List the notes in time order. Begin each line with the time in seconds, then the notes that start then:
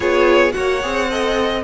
0.00 B3 F4 G#4 C#5
0.51 A#3 F#4 C#5 F#5
0.82 C4 G#4
1.10 A4 D#5